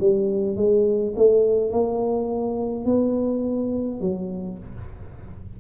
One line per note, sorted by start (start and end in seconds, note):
0.00 0.56 G3
0.56 1.14 G#3
1.16 1.71 A3
1.71 2.85 A#3
2.85 4.00 B3
4.00 4.58 F#3